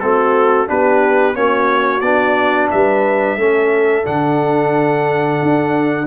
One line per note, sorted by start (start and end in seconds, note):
0.00 0.68 A3
0.00 0.66 C4
0.00 0.68 F#4
0.00 0.67 A4
0.66 1.35 B3
0.66 1.33 D4
0.66 1.36 G4
0.66 1.36 B4
1.34 2.02 A#3
1.34 2.01 C#4
1.34 2.72 F#4
1.34 2.00 C#5
2.00 2.69 B3
2.00 3.38 D4
2.00 2.68 D5
2.71 3.37 G3
2.71 3.39 B4
2.71 4.05 E5
3.37 4.04 A3
3.37 4.04 C#4
3.37 6.07 A4
4.04 5.41 D3
4.04 6.06 D4
4.04 6.07 F#5
5.42 6.07 D4